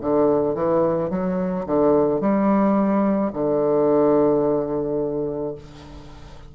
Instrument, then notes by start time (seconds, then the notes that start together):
bassoon
0.00 D3
0.55 E3
1.10 F#3
1.66 D3
2.20 G3
3.32 D3